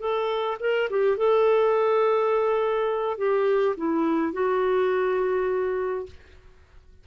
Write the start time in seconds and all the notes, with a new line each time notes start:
0.00 A4
0.61 A#4
0.90 G4
1.18 A4
3.18 G4
3.78 E4
4.33 F#4